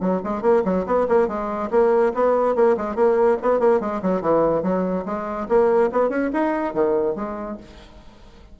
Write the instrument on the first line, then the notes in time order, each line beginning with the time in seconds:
bassoon
0.00 F#3
0.24 G#3
0.42 A#3
0.65 F#3
0.86 B3
1.09 A#3
1.28 G#3
1.71 A#3
2.14 B3
2.55 A#3
2.77 G#3
2.95 A#3
3.42 B3
3.59 A#3
3.80 G#3
4.02 F#3
4.21 E3
4.62 F#3
5.05 G#3
5.49 A#3
5.92 B3
6.10 C#4
6.33 D#4
6.74 D#3
7.15 G#3